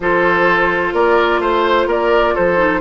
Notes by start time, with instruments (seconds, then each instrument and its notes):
0.00 bassoon F3, clarinet F4, oboe A4, flute C5
0.93 bassoon A#3, oboe A#4, flute D5
1.39 bassoon A3, oboe C5, flute C5
1.87 bassoon A#3, oboe A#4, flute D5
2.34 bassoon F3, oboe A4, flute C5
2.57 clarinet D#4